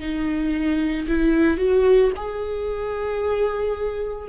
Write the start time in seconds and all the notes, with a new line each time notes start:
0.00 D#4
1.08 E4
1.58 F#4
2.16 G#4